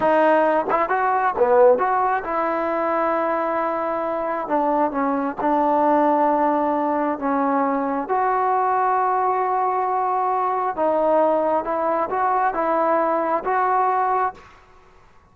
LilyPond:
\new Staff \with { instrumentName = "trombone" } { \time 4/4 \tempo 4 = 134 dis'4. e'8 fis'4 b4 | fis'4 e'2.~ | e'2 d'4 cis'4 | d'1 |
cis'2 fis'2~ | fis'1 | dis'2 e'4 fis'4 | e'2 fis'2 | }